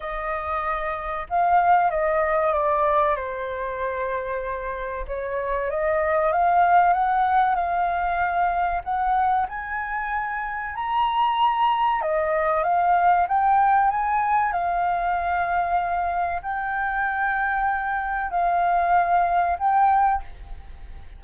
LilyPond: \new Staff \with { instrumentName = "flute" } { \time 4/4 \tempo 4 = 95 dis''2 f''4 dis''4 | d''4 c''2. | cis''4 dis''4 f''4 fis''4 | f''2 fis''4 gis''4~ |
gis''4 ais''2 dis''4 | f''4 g''4 gis''4 f''4~ | f''2 g''2~ | g''4 f''2 g''4 | }